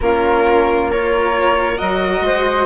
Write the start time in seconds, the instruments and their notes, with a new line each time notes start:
0.01 bassoon A#3, cello C#4, flute F4, violin A#4
0.90 cello F4, flute A#4, violin C#5
1.77 bassoon F#3, cello F#4, violin D#5
2.21 bassoon G#3, flute C5